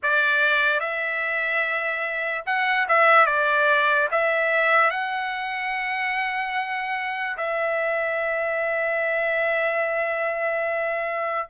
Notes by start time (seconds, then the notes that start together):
0.03 D5
0.80 E5
2.45 F#5
2.88 E5
3.26 D5
4.11 E5
4.90 F#5
7.37 E5